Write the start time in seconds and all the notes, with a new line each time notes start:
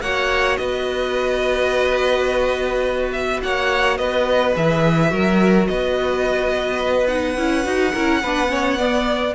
0.00 A#3 F#4 C#5 F#5
0.56 B3 B4 D#5
3.11 E5
3.42 A#3 C#5 F#5
3.97 B3 B4 D#5
4.54 E3 G#4 E5
5.10 F#3 F#4 A#4
5.67 B3 B4 D#5
7.07 D#4 F#5
7.37 C#4 E4
7.63 D#4 F#4
7.92 C#4 E4 A#4
8.22 B3 D4 B4
8.48 C#4 C#5
8.78 B3 D5